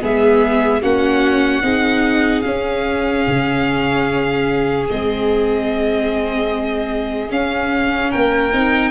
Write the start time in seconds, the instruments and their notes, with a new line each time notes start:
0.00 tuba G#3, viola B3, violin G#4 E5
0.82 tuba A#3, viola C#4, violin F#4 F#5
1.62 tuba C4, viola D#4, violin G#4
2.41 viola C#4, tuba C#4, violin F5
3.27 tuba C#3
4.90 tuba G#3, viola C4, violin D#5
7.29 viola C#4, tuba C#4, violin F5
8.10 tuba A#3, violin A#4 G5
8.52 tuba C4, viola D#4